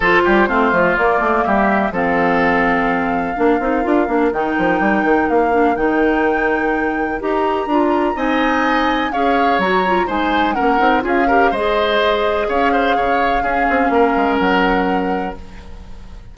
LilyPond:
<<
  \new Staff \with { instrumentName = "flute" } { \time 4/4 \tempo 4 = 125 c''2 d''4 e''4 | f''1~ | f''4 g''2 f''4 | g''2. ais''4~ |
ais''4 gis''2 f''4 | ais''4 gis''4 fis''4 f''4 | dis''2 f''2~ | f''2 fis''2 | }
  \new Staff \with { instrumentName = "oboe" } { \time 4/4 a'8 g'8 f'2 g'4 | a'2. ais'4~ | ais'1~ | ais'1~ |
ais'4 dis''2 cis''4~ | cis''4 c''4 ais'4 gis'8 ais'8 | c''2 cis''8 c''8 cis''4 | gis'4 ais'2. | }
  \new Staff \with { instrumentName = "clarinet" } { \time 4/4 f'4 c'8 a8 ais2 | c'2. d'8 dis'8 | f'8 d'8 dis'2~ dis'8 d'8 | dis'2. g'4 |
f'4 dis'2 gis'4 | fis'8 f'8 dis'4 cis'8 dis'8 f'8 g'8 | gis'1 | cis'1 | }
  \new Staff \with { instrumentName = "bassoon" } { \time 4/4 f8 g8 a8 f8 ais8 a8 g4 | f2. ais8 c'8 | d'8 ais8 dis8 f8 g8 dis8 ais4 | dis2. dis'4 |
d'4 c'2 cis'4 | fis4 gis4 ais8 c'8 cis'4 | gis2 cis'4 cis4 | cis'8 c'8 ais8 gis8 fis2 | }
>>